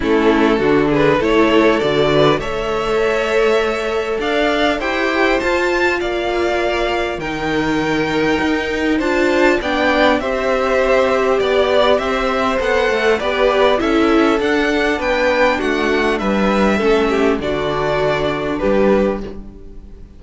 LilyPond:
<<
  \new Staff \with { instrumentName = "violin" } { \time 4/4 \tempo 4 = 100 a'4. b'8 cis''4 d''4 | e''2. f''4 | g''4 a''4 f''2 | g''2. a''4 |
g''4 e''2 d''4 | e''4 fis''4 d''4 e''4 | fis''4 g''4 fis''4 e''4~ | e''4 d''2 b'4 | }
  \new Staff \with { instrumentName = "violin" } { \time 4/4 e'4 fis'8 gis'8 a'4. b'8 | cis''2. d''4 | c''2 d''2 | ais'2. c''4 |
d''4 c''2 d''4 | c''2 b'4 a'4~ | a'4 b'4 fis'4 b'4 | a'8 g'8 fis'2 g'4 | }
  \new Staff \with { instrumentName = "viola" } { \time 4/4 cis'4 d'4 e'4 fis'4 | a'1 | g'4 f'2. | dis'2. f'4 |
d'4 g'2.~ | g'4 a'4 g'4 e'4 | d'1 | cis'4 d'2. | }
  \new Staff \with { instrumentName = "cello" } { \time 4/4 a4 d4 a4 d4 | a2. d'4 | e'4 f'4 ais2 | dis2 dis'4 d'4 |
b4 c'2 b4 | c'4 b8 a8 b4 cis'4 | d'4 b4 a4 g4 | a4 d2 g4 | }
>>